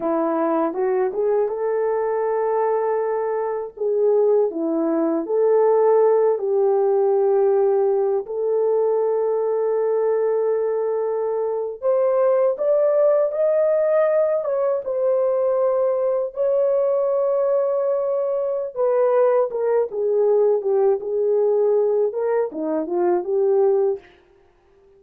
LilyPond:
\new Staff \with { instrumentName = "horn" } { \time 4/4 \tempo 4 = 80 e'4 fis'8 gis'8 a'2~ | a'4 gis'4 e'4 a'4~ | a'8 g'2~ g'8 a'4~ | a'2.~ a'8. c''16~ |
c''8. d''4 dis''4. cis''8 c''16~ | c''4.~ c''16 cis''2~ cis''16~ | cis''4 b'4 ais'8 gis'4 g'8 | gis'4. ais'8 dis'8 f'8 g'4 | }